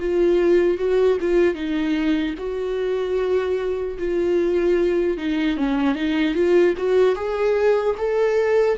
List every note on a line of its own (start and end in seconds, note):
0.00 0.78 F4
0.78 1.18 F#4
1.21 1.55 F4
1.55 2.35 D#4
2.38 3.98 F#4
3.99 5.18 F4
5.18 5.57 D#4
5.57 5.95 C#4
5.95 6.35 D#4
6.35 6.75 F4
6.78 7.16 F#4
7.16 7.96 G#4
7.98 8.78 A4